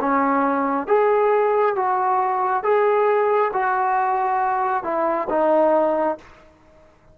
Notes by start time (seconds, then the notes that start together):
0.00 C#4
0.87 G#4
1.76 F#4
2.64 G#4
3.53 F#4
4.84 E4
5.30 D#4